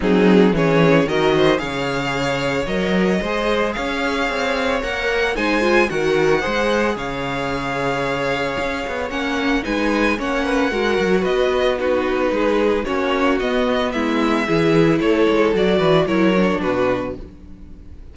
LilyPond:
<<
  \new Staff \with { instrumentName = "violin" } { \time 4/4 \tempo 4 = 112 gis'4 cis''4 dis''4 f''4~ | f''4 dis''2 f''4~ | f''4 fis''4 gis''4 fis''4~ | fis''4 f''2.~ |
f''4 fis''4 gis''4 fis''4~ | fis''4 dis''4 b'2 | cis''4 dis''4 e''2 | cis''4 d''4 cis''4 b'4 | }
  \new Staff \with { instrumentName = "violin" } { \time 4/4 dis'4 gis'4 ais'8 c''8 cis''4~ | cis''2 c''4 cis''4~ | cis''2 c''4 ais'4 | c''4 cis''2.~ |
cis''2 b'4 cis''8 b'8 | ais'4 b'4 fis'4 gis'4 | fis'2 e'4 gis'4 | a'4. b'8 ais'4 fis'4 | }
  \new Staff \with { instrumentName = "viola" } { \time 4/4 c'4 cis'4 fis'4 gis'4~ | gis'4 ais'4 gis'2~ | gis'4 ais'4 dis'8 f'8 fis'4 | gis'1~ |
gis'4 cis'4 dis'4 cis'4 | fis'2 dis'2 | cis'4 b2 e'4~ | e'4 fis'4 e'8 d'4. | }
  \new Staff \with { instrumentName = "cello" } { \time 4/4 fis4 e4 dis4 cis4~ | cis4 fis4 gis4 cis'4 | c'4 ais4 gis4 dis4 | gis4 cis2. |
cis'8 b8 ais4 gis4 ais4 | gis8 fis8 b2 gis4 | ais4 b4 gis4 e4 | a8 gis8 fis8 e8 fis4 b,4 | }
>>